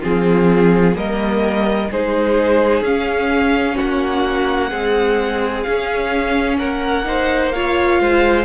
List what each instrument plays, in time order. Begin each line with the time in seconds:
0.00 cello F3, viola C4, violin F4 G#4
0.94 cello G3, viola A#3, violin A#4 D#5
1.90 cello G#3, viola D#4, violin G#4 C5
2.81 cello C#4, viola C#4, violin F5
3.75 violin F#4 F#5
3.81 cello A#3
4.69 viola G#3, cello C4, violin G#4
5.62 cello C#4, violin F5
5.69 viola C#4
6.58 cello A#3, violin A#4 F#5
7.04 viola D#4, violin C5
7.52 viola F4, violin C#5 F5
8.00 cello G#3, violin C5